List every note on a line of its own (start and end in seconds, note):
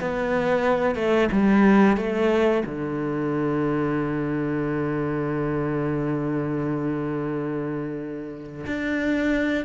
0.00 0.95 B3
0.95 1.28 A3
1.32 1.96 G3
1.96 2.63 A3
2.65 8.65 D3
8.66 9.65 D4